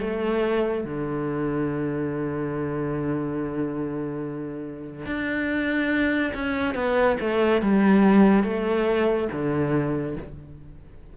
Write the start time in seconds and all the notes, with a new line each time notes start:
0.00 A3
0.84 D3
5.06 D4
6.34 C#4
6.74 B3
7.20 A3
7.61 G3
8.43 A3
9.32 D3